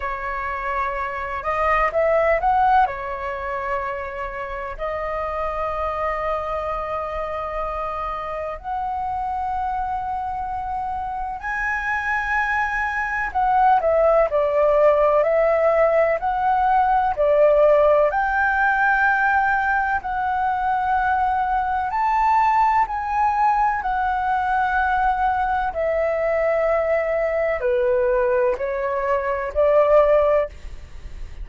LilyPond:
\new Staff \with { instrumentName = "flute" } { \time 4/4 \tempo 4 = 63 cis''4. dis''8 e''8 fis''8 cis''4~ | cis''4 dis''2.~ | dis''4 fis''2. | gis''2 fis''8 e''8 d''4 |
e''4 fis''4 d''4 g''4~ | g''4 fis''2 a''4 | gis''4 fis''2 e''4~ | e''4 b'4 cis''4 d''4 | }